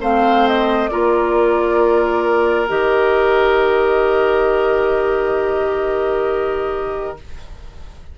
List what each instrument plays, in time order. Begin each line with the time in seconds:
0.00 bassoon A3, clarinet C4, oboe C5, flute F5
0.48 flute D#5
0.88 bassoon A#3, clarinet F4, oboe A#4, flute D5
2.68 bassoon D#3, clarinet G4, flute D#5